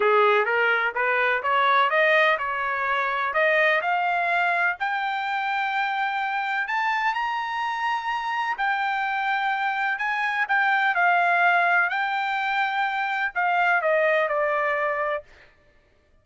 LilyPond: \new Staff \with { instrumentName = "trumpet" } { \time 4/4 \tempo 4 = 126 gis'4 ais'4 b'4 cis''4 | dis''4 cis''2 dis''4 | f''2 g''2~ | g''2 a''4 ais''4~ |
ais''2 g''2~ | g''4 gis''4 g''4 f''4~ | f''4 g''2. | f''4 dis''4 d''2 | }